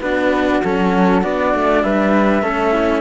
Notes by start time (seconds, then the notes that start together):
0.00 B3 D4 F#4 B4
0.63 F#3 C#4 A4
1.22 B3 D4 D5
1.54 A3
1.83 G3 B4 E5
2.42 A3 C#4 A4
2.73 E4